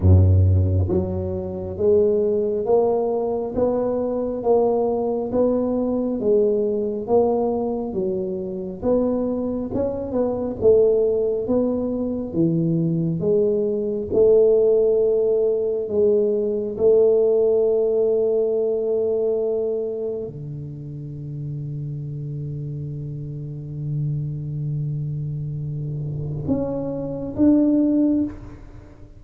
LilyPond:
\new Staff \with { instrumentName = "tuba" } { \time 4/4 \tempo 4 = 68 fis,4 fis4 gis4 ais4 | b4 ais4 b4 gis4 | ais4 fis4 b4 cis'8 b8 | a4 b4 e4 gis4 |
a2 gis4 a4~ | a2. d4~ | d1~ | d2 cis'4 d'4 | }